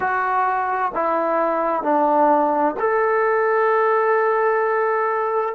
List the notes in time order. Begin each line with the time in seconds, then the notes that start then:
0.00 F#4
0.94 E4
1.82 D4
2.79 A4